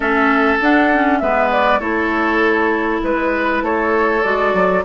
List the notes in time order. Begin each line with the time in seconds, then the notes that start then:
0.00 A3 C#4 A4 E5
0.60 D4 F#5
0.92 C#4
1.19 G#3 B3 B4 E5
1.51 D5
1.79 A3 E4 A4 C#5
3.03 G#3 B4
3.61 A3 A4 C#5
4.22 G#3 F#4 D5
4.53 F#3